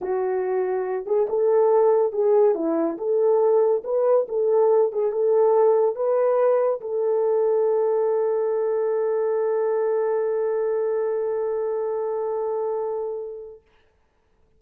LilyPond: \new Staff \with { instrumentName = "horn" } { \time 4/4 \tempo 4 = 141 fis'2~ fis'8 gis'8 a'4~ | a'4 gis'4 e'4 a'4~ | a'4 b'4 a'4. gis'8 | a'2 b'2 |
a'1~ | a'1~ | a'1~ | a'1 | }